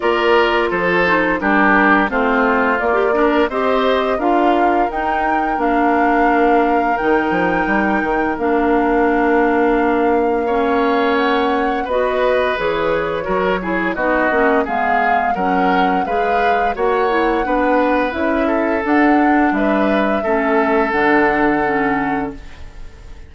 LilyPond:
<<
  \new Staff \with { instrumentName = "flute" } { \time 4/4 \tempo 4 = 86 d''4 c''4 ais'4 c''4 | d''4 dis''4 f''4 g''4 | f''2 g''2 | f''1 |
fis''4 dis''4 cis''2 | dis''4 f''4 fis''4 f''4 | fis''2 e''4 fis''4 | e''2 fis''2 | }
  \new Staff \with { instrumentName = "oboe" } { \time 4/4 ais'4 a'4 g'4 f'4~ | f'8 ais'8 c''4 ais'2~ | ais'1~ | ais'2. cis''4~ |
cis''4 b'2 ais'8 gis'8 | fis'4 gis'4 ais'4 b'4 | cis''4 b'4. a'4. | b'4 a'2. | }
  \new Staff \with { instrumentName = "clarinet" } { \time 4/4 f'4. dis'8 d'4 c'4 | ais16 g'16 d'8 g'4 f'4 dis'4 | d'2 dis'2 | d'2. cis'4~ |
cis'4 fis'4 gis'4 fis'8 e'8 | dis'8 cis'8 b4 cis'4 gis'4 | fis'8 e'8 d'4 e'4 d'4~ | d'4 cis'4 d'4 cis'4 | }
  \new Staff \with { instrumentName = "bassoon" } { \time 4/4 ais4 f4 g4 a4 | ais4 c'4 d'4 dis'4 | ais2 dis8 f8 g8 dis8 | ais1~ |
ais4 b4 e4 fis4 | b8 ais8 gis4 fis4 gis4 | ais4 b4 cis'4 d'4 | g4 a4 d2 | }
>>